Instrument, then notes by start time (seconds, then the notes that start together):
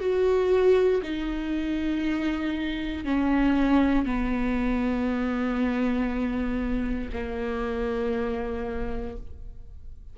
viola
0.00 F#4
1.03 D#4
3.05 C#4
4.05 B3
7.13 A#3